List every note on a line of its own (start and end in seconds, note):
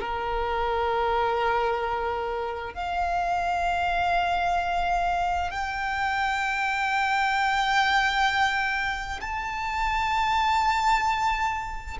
0.00 2.74 A#4
2.74 5.51 F5
5.51 9.20 G5
9.21 11.98 A5